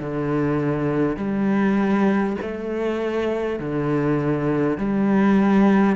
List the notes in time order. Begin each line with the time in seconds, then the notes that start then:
0.00 D3
1.17 G3
2.42 A3
3.59 D3
4.78 G3